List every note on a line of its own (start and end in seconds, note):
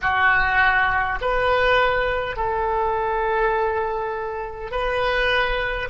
0.01 1.19 F#4
1.21 2.36 B4
2.36 4.71 A4
4.71 5.88 B4